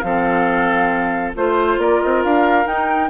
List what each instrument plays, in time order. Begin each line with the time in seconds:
0.00 bassoon F3, clarinet C4, oboe A4, flute F5
1.35 bassoon A3, clarinet F4, flute C5, oboe C5
1.78 bassoon A#3, oboe A#4, flute D5
2.01 bassoon C4, flute D#5
2.24 bassoon D4, flute F5
2.66 clarinet D#4, bassoon D#4, flute G5